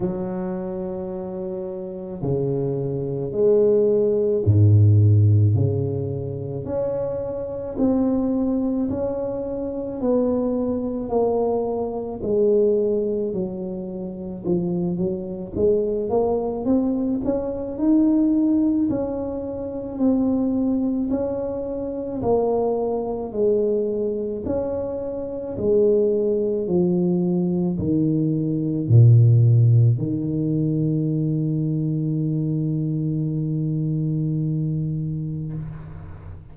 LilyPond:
\new Staff \with { instrumentName = "tuba" } { \time 4/4 \tempo 4 = 54 fis2 cis4 gis4 | gis,4 cis4 cis'4 c'4 | cis'4 b4 ais4 gis4 | fis4 f8 fis8 gis8 ais8 c'8 cis'8 |
dis'4 cis'4 c'4 cis'4 | ais4 gis4 cis'4 gis4 | f4 dis4 ais,4 dis4~ | dis1 | }